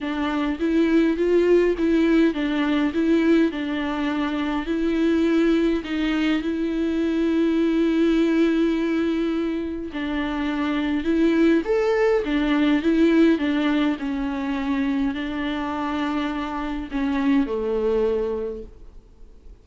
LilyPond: \new Staff \with { instrumentName = "viola" } { \time 4/4 \tempo 4 = 103 d'4 e'4 f'4 e'4 | d'4 e'4 d'2 | e'2 dis'4 e'4~ | e'1~ |
e'4 d'2 e'4 | a'4 d'4 e'4 d'4 | cis'2 d'2~ | d'4 cis'4 a2 | }